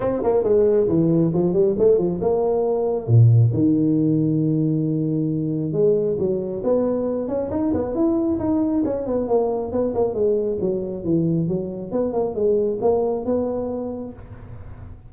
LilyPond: \new Staff \with { instrumentName = "tuba" } { \time 4/4 \tempo 4 = 136 c'8 ais8 gis4 e4 f8 g8 | a8 f8 ais2 ais,4 | dis1~ | dis4 gis4 fis4 b4~ |
b8 cis'8 dis'8 b8 e'4 dis'4 | cis'8 b8 ais4 b8 ais8 gis4 | fis4 e4 fis4 b8 ais8 | gis4 ais4 b2 | }